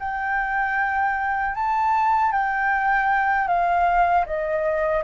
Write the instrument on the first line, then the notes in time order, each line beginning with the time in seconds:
flute
0.00 G5
1.55 A5
2.32 G5
3.48 F5
4.26 D#5